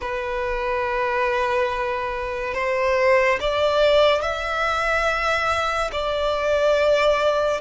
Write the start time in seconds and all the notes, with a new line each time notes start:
0.01 B4
2.54 C5
3.40 D5
4.21 E5
5.92 D5